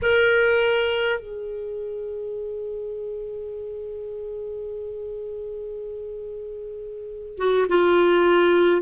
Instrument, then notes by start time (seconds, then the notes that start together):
clarinet
0.02 A#4
1.19 G#4
7.37 F#4
7.68 F4